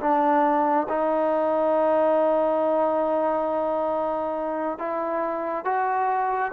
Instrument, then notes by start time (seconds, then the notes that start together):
trombone
0.00 D4
0.89 D#4
4.79 E4
5.65 F#4